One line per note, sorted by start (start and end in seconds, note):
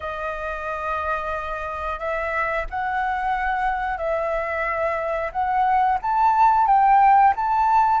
0.00 1.98 D#5
1.98 2.65 E5
2.70 3.97 F#5
3.97 5.31 E5
5.32 5.98 F#5
6.02 6.66 A5
6.66 7.33 G5
7.35 8.00 A5